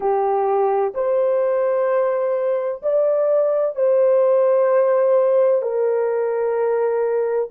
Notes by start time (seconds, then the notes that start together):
0.00 G4
0.94 C5
2.82 D5
3.75 C5
5.62 A#4